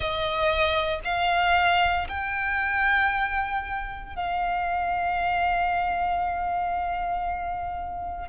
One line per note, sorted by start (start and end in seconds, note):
0.00 1.00 D#5
1.04 2.07 F5
2.08 4.15 G5
4.15 8.28 F5